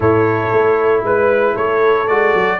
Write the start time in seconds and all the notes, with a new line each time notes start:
0.00 A2 E4 A4 C#5
0.52 A3
1.02 G#3 B4
1.54 A3 A4 C#5
2.07 G#3 F#4 D5
2.34 F#3